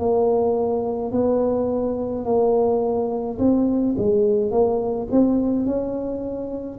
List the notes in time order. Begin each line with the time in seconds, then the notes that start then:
0.00 A#3
1.12 B3
2.25 A#3
3.39 C4
3.98 G#3
4.51 A#3
5.11 C4
5.66 C#4